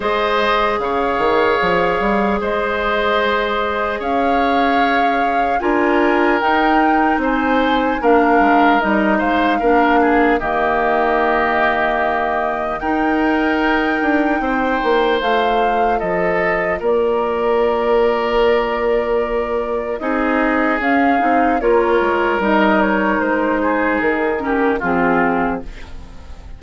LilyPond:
<<
  \new Staff \with { instrumentName = "flute" } { \time 4/4 \tempo 4 = 75 dis''4 f''2 dis''4~ | dis''4 f''2 gis''4 | g''4 gis''4 f''4 dis''8 f''8~ | f''4 dis''2. |
g''2. f''4 | dis''4 d''2.~ | d''4 dis''4 f''4 cis''4 | dis''8 cis''8 c''4 ais'4 gis'4 | }
  \new Staff \with { instrumentName = "oboe" } { \time 4/4 c''4 cis''2 c''4~ | c''4 cis''2 ais'4~ | ais'4 c''4 ais'4. c''8 | ais'8 gis'8 g'2. |
ais'2 c''2 | a'4 ais'2.~ | ais'4 gis'2 ais'4~ | ais'4. gis'4 g'8 f'4 | }
  \new Staff \with { instrumentName = "clarinet" } { \time 4/4 gis'1~ | gis'2. f'4 | dis'2 d'4 dis'4 | d'4 ais2. |
dis'2. f'4~ | f'1~ | f'4 dis'4 cis'8 dis'8 f'4 | dis'2~ dis'8 cis'8 c'4 | }
  \new Staff \with { instrumentName = "bassoon" } { \time 4/4 gis4 cis8 dis8 f8 g8 gis4~ | gis4 cis'2 d'4 | dis'4 c'4 ais8 gis8 g8 gis8 | ais4 dis2. |
dis'4. d'8 c'8 ais8 a4 | f4 ais2.~ | ais4 c'4 cis'8 c'8 ais8 gis8 | g4 gis4 dis4 f4 | }
>>